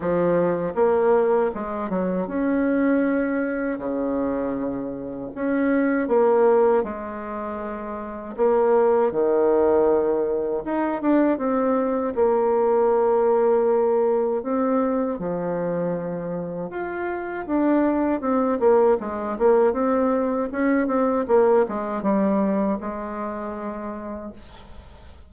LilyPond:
\new Staff \with { instrumentName = "bassoon" } { \time 4/4 \tempo 4 = 79 f4 ais4 gis8 fis8 cis'4~ | cis'4 cis2 cis'4 | ais4 gis2 ais4 | dis2 dis'8 d'8 c'4 |
ais2. c'4 | f2 f'4 d'4 | c'8 ais8 gis8 ais8 c'4 cis'8 c'8 | ais8 gis8 g4 gis2 | }